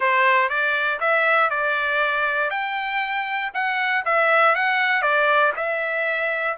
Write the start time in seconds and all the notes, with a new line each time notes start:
0.00 C5
0.49 D5
1.00 E5
1.49 D5
2.50 G5
3.54 F#5
4.05 E5
4.55 F#5
5.01 D5
5.56 E5